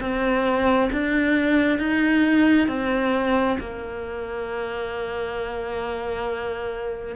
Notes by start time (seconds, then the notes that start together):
0.00 C4
0.92 D4
1.79 D#4
2.68 C4
3.59 A#3